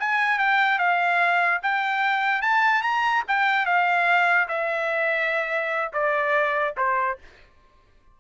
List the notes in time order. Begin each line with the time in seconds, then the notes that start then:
0.00 G#5
0.39 G5
0.79 F5
1.63 G5
2.42 A5
2.83 A#5
3.28 G5
3.66 F5
4.49 E5
5.93 D5
6.78 C5